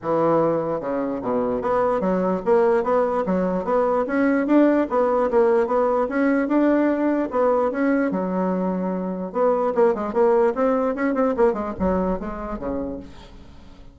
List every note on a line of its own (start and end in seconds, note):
0.02 0.80 E3
0.80 1.21 C#3
1.22 1.61 B2
1.61 2.00 B3
2.00 2.41 F#3
2.45 2.83 A#3
2.83 3.24 B3
3.26 3.64 F#3
3.64 4.05 B3
4.07 4.46 C#4
4.46 4.87 D4
4.89 5.30 B3
5.30 5.66 A#3
5.66 6.07 B3
6.08 6.48 C#4
6.48 7.29 D4
7.30 7.71 B3
7.71 8.11 C#4
8.11 9.32 F#3
9.32 9.73 B3
9.74 9.94 A#3
9.94 10.13 G#3
10.13 10.53 A#3
10.55 10.95 C4
10.95 11.14 C#4
11.14 11.34 C4
11.36 11.53 A#3
11.53 11.73 G#3
11.79 12.19 F#3
12.19 12.58 G#3
12.58 12.99 C#3